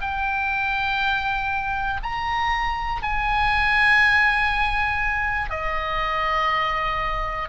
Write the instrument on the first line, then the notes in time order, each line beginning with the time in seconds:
oboe
0.00 G5
2.02 A#5
3.02 G#5
5.50 D#5